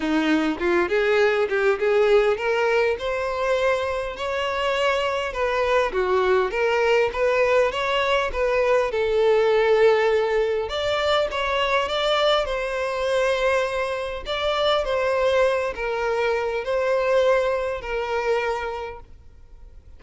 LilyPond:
\new Staff \with { instrumentName = "violin" } { \time 4/4 \tempo 4 = 101 dis'4 f'8 gis'4 g'8 gis'4 | ais'4 c''2 cis''4~ | cis''4 b'4 fis'4 ais'4 | b'4 cis''4 b'4 a'4~ |
a'2 d''4 cis''4 | d''4 c''2. | d''4 c''4. ais'4. | c''2 ais'2 | }